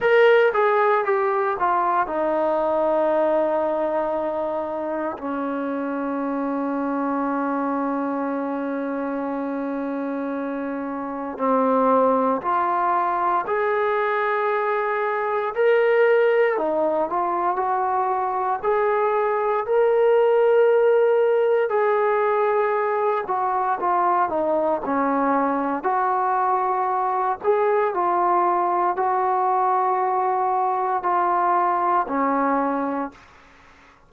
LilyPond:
\new Staff \with { instrumentName = "trombone" } { \time 4/4 \tempo 4 = 58 ais'8 gis'8 g'8 f'8 dis'2~ | dis'4 cis'2.~ | cis'2. c'4 | f'4 gis'2 ais'4 |
dis'8 f'8 fis'4 gis'4 ais'4~ | ais'4 gis'4. fis'8 f'8 dis'8 | cis'4 fis'4. gis'8 f'4 | fis'2 f'4 cis'4 | }